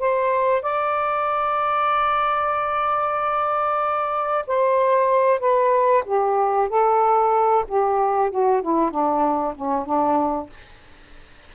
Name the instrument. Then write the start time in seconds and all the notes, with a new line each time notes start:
saxophone
0.00 C5
0.63 D5
4.47 C5
5.40 B4
6.06 G4
6.69 A4
7.68 G4
8.31 F#4
8.62 E4
8.91 D4
9.56 C#4
9.86 D4